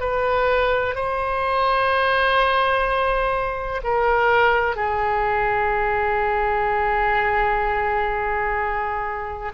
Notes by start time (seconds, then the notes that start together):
0.00 B4
0.95 C5
3.84 A#4
4.76 G#4